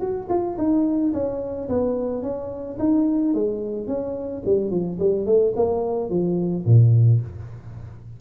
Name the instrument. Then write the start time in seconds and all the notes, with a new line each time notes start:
tuba
0.00 F#4
0.29 F4
0.58 D#4
1.13 C#4
1.68 B3
2.23 C#4
2.79 D#4
3.34 G#3
3.87 C#4
4.46 G3
4.71 F3
4.99 G3
5.26 A3
5.56 A#3
6.10 F3
6.66 A#2